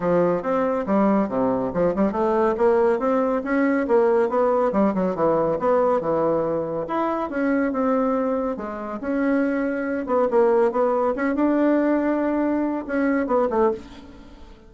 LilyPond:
\new Staff \with { instrumentName = "bassoon" } { \time 4/4 \tempo 4 = 140 f4 c'4 g4 c4 | f8 g8 a4 ais4 c'4 | cis'4 ais4 b4 g8 fis8 | e4 b4 e2 |
e'4 cis'4 c'2 | gis4 cis'2~ cis'8 b8 | ais4 b4 cis'8 d'4.~ | d'2 cis'4 b8 a8 | }